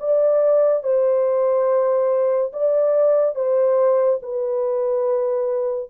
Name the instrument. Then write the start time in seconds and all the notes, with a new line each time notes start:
horn
0.00 D5
0.83 C5
2.53 D5
3.35 C5
4.23 B4